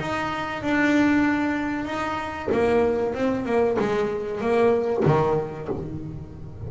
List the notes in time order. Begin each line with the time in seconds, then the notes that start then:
0.00 D#4
0.63 D4
1.86 D#4
2.52 A#3
3.15 C4
3.46 A#3
3.80 G#3
4.41 A#3
5.06 D#3